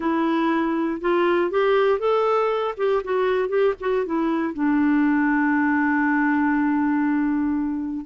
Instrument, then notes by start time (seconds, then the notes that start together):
clarinet
0.00 E4
1.00 F4
1.50 G4
1.99 A4
2.77 G4
3.04 F#4
3.49 G4
3.80 F#4
4.05 E4
4.53 D4